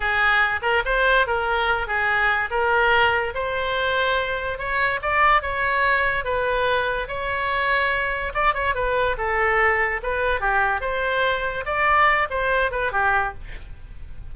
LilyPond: \new Staff \with { instrumentName = "oboe" } { \time 4/4 \tempo 4 = 144 gis'4. ais'8 c''4 ais'4~ | ais'8 gis'4. ais'2 | c''2. cis''4 | d''4 cis''2 b'4~ |
b'4 cis''2. | d''8 cis''8 b'4 a'2 | b'4 g'4 c''2 | d''4. c''4 b'8 g'4 | }